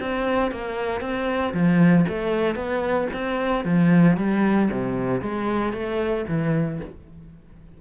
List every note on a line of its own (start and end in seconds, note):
0.00 0.52 C4
0.52 1.01 A#3
1.01 1.53 C4
1.54 2.06 F3
2.09 2.56 A3
2.56 3.08 B3
3.13 3.65 C4
3.65 4.17 F3
4.17 4.70 G3
4.71 5.22 C3
5.22 5.73 G#3
5.73 6.25 A3
6.28 6.80 E3